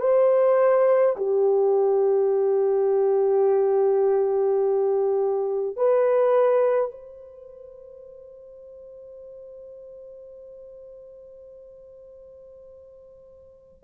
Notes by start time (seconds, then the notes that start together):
0.00 C5
1.17 G4
5.76 B4
6.91 C5